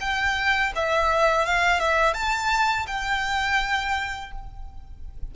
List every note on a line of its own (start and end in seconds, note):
0.00 0.72 G5
0.75 1.45 E5
1.45 1.79 F5
1.79 2.14 E5
2.14 2.86 A5
2.87 4.31 G5